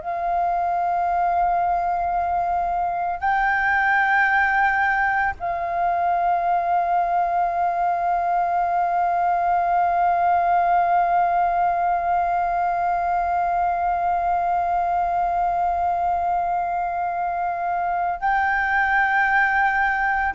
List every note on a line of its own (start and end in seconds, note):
0.00 3.20 F5
3.20 5.34 G5
5.40 18.20 F5
18.20 20.34 G5